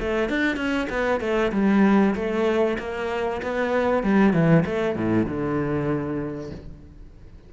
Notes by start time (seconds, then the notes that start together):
0.00 A3
0.29 D4
0.56 C#4
0.89 B3
1.20 A3
1.52 G3
2.15 A3
2.79 A#3
3.42 B3
4.03 G3
4.33 E3
4.65 A3
4.96 A2
5.26 D3